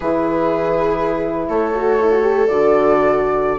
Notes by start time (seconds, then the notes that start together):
0.00 E3 E4 G#4 B4
1.48 A3 A4 C#5
1.74 F#4
1.99 E4
2.11 F#4
2.22 G4
2.47 D3 F#4 D5